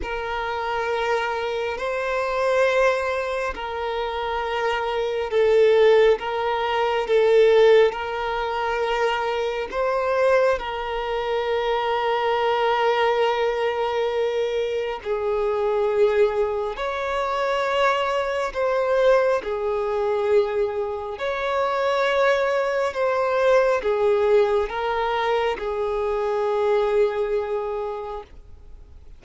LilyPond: \new Staff \with { instrumentName = "violin" } { \time 4/4 \tempo 4 = 68 ais'2 c''2 | ais'2 a'4 ais'4 | a'4 ais'2 c''4 | ais'1~ |
ais'4 gis'2 cis''4~ | cis''4 c''4 gis'2 | cis''2 c''4 gis'4 | ais'4 gis'2. | }